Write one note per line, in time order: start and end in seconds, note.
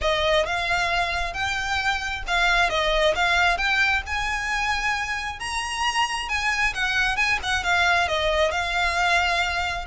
0.01 0.46 D#5
0.46 1.33 F5
1.33 2.23 G5
2.27 2.69 F5
2.69 3.14 D#5
3.15 3.57 F5
3.57 4.02 G5
4.06 5.39 G#5
5.39 6.28 A#5
6.28 6.73 G#5
6.73 7.16 F#5
7.16 7.38 G#5
7.42 7.63 F#5
7.63 8.08 F5
8.08 8.51 D#5
8.51 9.85 F5